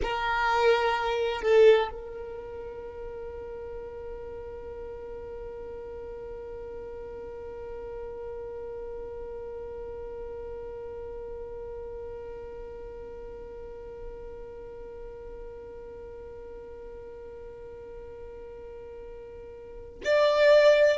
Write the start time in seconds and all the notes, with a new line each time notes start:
0.02 A#4
1.42 A4
1.91 A#4
20.04 D5